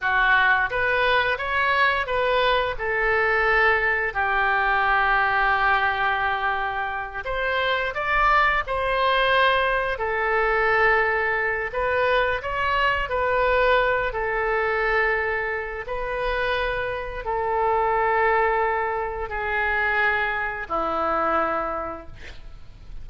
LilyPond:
\new Staff \with { instrumentName = "oboe" } { \time 4/4 \tempo 4 = 87 fis'4 b'4 cis''4 b'4 | a'2 g'2~ | g'2~ g'8 c''4 d''8~ | d''8 c''2 a'4.~ |
a'4 b'4 cis''4 b'4~ | b'8 a'2~ a'8 b'4~ | b'4 a'2. | gis'2 e'2 | }